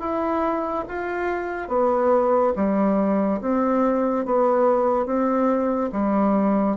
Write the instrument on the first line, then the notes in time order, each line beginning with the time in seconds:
bassoon
0.00 E4
0.88 F4
1.68 B3
2.56 G3
3.41 C4
4.25 B3
5.06 C4
5.92 G3